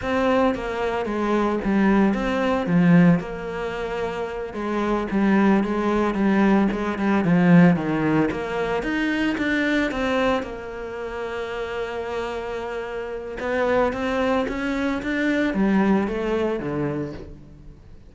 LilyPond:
\new Staff \with { instrumentName = "cello" } { \time 4/4 \tempo 4 = 112 c'4 ais4 gis4 g4 | c'4 f4 ais2~ | ais8 gis4 g4 gis4 g8~ | g8 gis8 g8 f4 dis4 ais8~ |
ais8 dis'4 d'4 c'4 ais8~ | ais1~ | ais4 b4 c'4 cis'4 | d'4 g4 a4 d4 | }